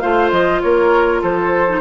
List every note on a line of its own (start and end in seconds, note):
0.00 0.32 A3
0.00 1.67 F4
0.00 0.62 C5
0.00 0.30 F5
0.31 0.62 F3
0.31 0.61 D#5
0.62 1.23 A#3
0.62 1.22 A#4
0.62 1.22 C#5
1.22 1.81 F3
1.22 1.81 A4
1.22 1.81 C5
1.68 1.81 D#4